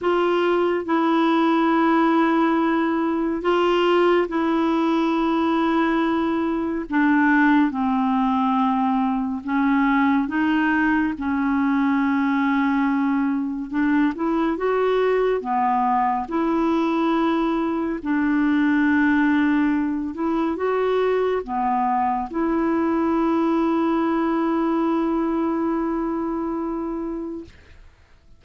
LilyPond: \new Staff \with { instrumentName = "clarinet" } { \time 4/4 \tempo 4 = 70 f'4 e'2. | f'4 e'2. | d'4 c'2 cis'4 | dis'4 cis'2. |
d'8 e'8 fis'4 b4 e'4~ | e'4 d'2~ d'8 e'8 | fis'4 b4 e'2~ | e'1 | }